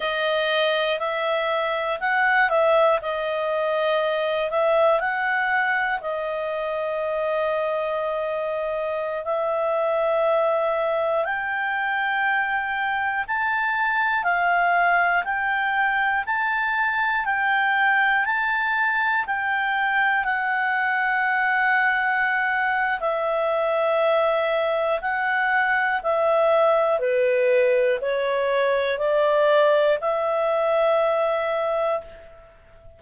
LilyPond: \new Staff \with { instrumentName = "clarinet" } { \time 4/4 \tempo 4 = 60 dis''4 e''4 fis''8 e''8 dis''4~ | dis''8 e''8 fis''4 dis''2~ | dis''4~ dis''16 e''2 g''8.~ | g''4~ g''16 a''4 f''4 g''8.~ |
g''16 a''4 g''4 a''4 g''8.~ | g''16 fis''2~ fis''8. e''4~ | e''4 fis''4 e''4 b'4 | cis''4 d''4 e''2 | }